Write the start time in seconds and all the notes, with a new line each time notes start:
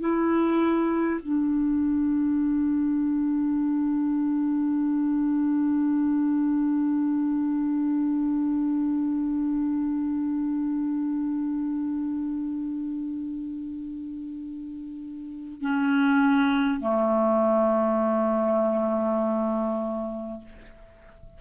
0.00 E4
1.22 D4
15.61 C#4
16.81 A3